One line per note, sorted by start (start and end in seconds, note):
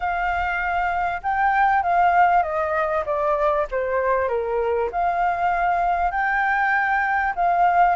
0.00 1.21 F5
1.22 1.82 G5
1.82 2.42 F5
2.42 3.04 D#5
3.05 3.66 D5
3.71 4.28 C5
4.28 4.89 A#4
4.91 6.11 F5
6.11 7.33 G5
7.35 7.95 F5